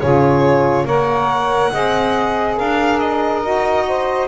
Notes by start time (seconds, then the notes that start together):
0.00 C#3 F4 G#4 C#5
0.84 A#3 A#4 C#5 F#5
1.73 C4 G#4 D#5
2.56 D4 A#4 F5
2.99 D#5
3.42 D#4 F#4
3.88 C5